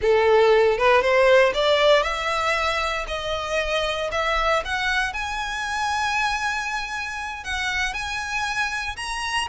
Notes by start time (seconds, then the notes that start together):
0.01 A4
0.78 B4
1.01 C5
1.54 D5
2.02 E5
3.07 D#5
4.11 E5
4.65 F#5
5.13 G#5
7.44 F#5
7.93 G#5
8.96 A#5